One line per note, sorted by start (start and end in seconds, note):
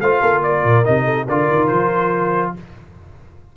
0.00 0.21 A3
0.00 0.85 F4
0.00 0.21 C5
0.00 0.43 F5
0.21 0.64 A#3
0.21 0.42 A4
0.43 1.04 A#4
0.43 0.85 D5
0.64 0.85 A#2
0.85 1.28 C3
0.85 1.27 D#4
0.85 1.27 D#5
1.04 1.26 A4
1.26 1.49 D3
1.26 2.57 F4
1.26 2.53 A#4
1.26 1.67 D5
1.51 1.71 D#3
1.67 2.55 F3
1.67 2.52 C5